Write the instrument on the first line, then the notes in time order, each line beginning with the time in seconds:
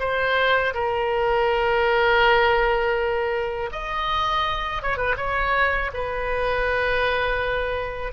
oboe
0.00 C5
0.74 A#4
3.72 D#5
4.82 C#5
4.97 B4
5.17 C#5
5.94 B4